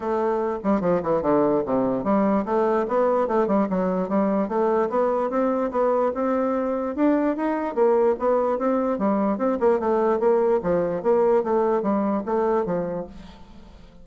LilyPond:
\new Staff \with { instrumentName = "bassoon" } { \time 4/4 \tempo 4 = 147 a4. g8 f8 e8 d4 | c4 g4 a4 b4 | a8 g8 fis4 g4 a4 | b4 c'4 b4 c'4~ |
c'4 d'4 dis'4 ais4 | b4 c'4 g4 c'8 ais8 | a4 ais4 f4 ais4 | a4 g4 a4 f4 | }